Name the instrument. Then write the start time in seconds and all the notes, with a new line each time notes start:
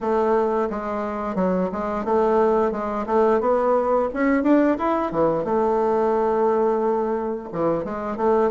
bassoon
0.00 A3
0.70 G#3
1.35 F#3
1.72 G#3
2.05 A3
2.71 G#3
3.06 A3
3.40 B3
4.13 C#4
4.43 D4
4.77 E4
5.11 E3
5.44 A3
7.52 E3
7.84 G#3
8.16 A3